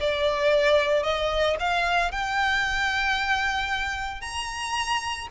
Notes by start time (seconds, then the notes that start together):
0.00 D5
1.03 D#5
1.59 F5
2.11 G5
4.21 A#5